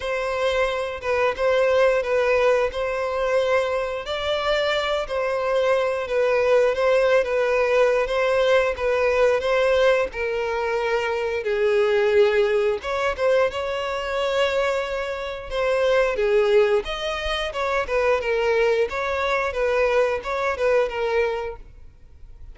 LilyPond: \new Staff \with { instrumentName = "violin" } { \time 4/4 \tempo 4 = 89 c''4. b'8 c''4 b'4 | c''2 d''4. c''8~ | c''4 b'4 c''8. b'4~ b'16 | c''4 b'4 c''4 ais'4~ |
ais'4 gis'2 cis''8 c''8 | cis''2. c''4 | gis'4 dis''4 cis''8 b'8 ais'4 | cis''4 b'4 cis''8 b'8 ais'4 | }